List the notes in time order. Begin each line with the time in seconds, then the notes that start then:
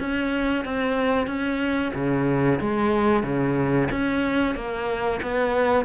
0.00 C#4
0.65 C4
1.27 C#4
1.94 C#3
2.61 G#3
3.23 C#3
3.92 C#4
4.55 A#3
5.23 B3